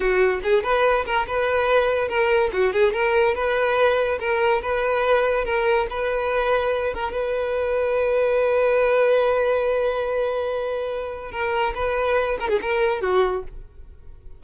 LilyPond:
\new Staff \with { instrumentName = "violin" } { \time 4/4 \tempo 4 = 143 fis'4 gis'8 b'4 ais'8 b'4~ | b'4 ais'4 fis'8 gis'8 ais'4 | b'2 ais'4 b'4~ | b'4 ais'4 b'2~ |
b'8 ais'8 b'2.~ | b'1~ | b'2. ais'4 | b'4. ais'16 gis'16 ais'4 fis'4 | }